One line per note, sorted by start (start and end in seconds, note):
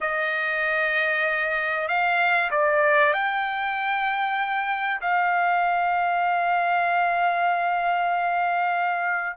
0.01 1.88 D#5
1.88 2.50 F5
2.51 3.13 D5
3.13 5.00 G5
5.01 9.37 F5